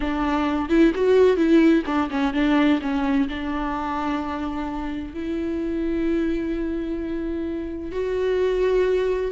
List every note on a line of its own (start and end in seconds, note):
0.00 0.69 D4
0.69 0.92 E4
0.94 1.36 F#4
1.36 1.83 E4
1.85 2.09 D4
2.10 2.33 C#4
2.33 2.80 D4
2.81 3.28 C#4
3.28 5.13 D4
5.13 7.92 E4
7.92 9.31 F#4